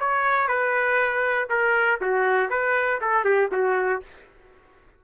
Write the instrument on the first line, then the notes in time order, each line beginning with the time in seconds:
trumpet
0.00 C#5
0.48 B4
1.50 A#4
2.01 F#4
2.50 B4
3.01 A4
3.25 G4
3.52 F#4